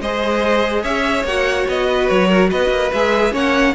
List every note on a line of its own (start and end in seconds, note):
0.00 0.83 G#3
0.00 1.27 G#4
0.00 0.82 C5
0.00 0.83 D#5
0.82 1.23 C#4
0.82 1.86 C#5
0.82 1.25 E5
1.23 1.65 A#3
1.23 2.93 F#4
1.23 1.67 F#5
1.68 2.09 B3
1.68 2.08 D#5
1.87 2.28 B4
2.08 2.52 F#3
2.08 2.50 C#5
2.28 2.49 A#4
2.50 2.69 B3
2.50 3.32 B4
2.50 2.92 D#5
2.69 2.90 A#3
2.92 3.33 G#3
2.92 3.32 G#4
2.92 3.34 E5
3.32 3.74 A#3
3.32 3.74 C#4
3.32 3.74 C#5
3.32 3.75 F#5